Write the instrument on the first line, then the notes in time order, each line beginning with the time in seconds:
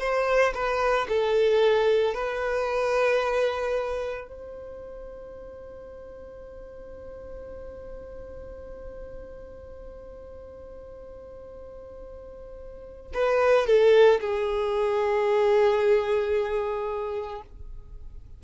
violin
0.00 C5
0.54 B4
1.09 A4
2.14 B4
4.28 C5
13.13 B4
13.67 A4
14.21 G#4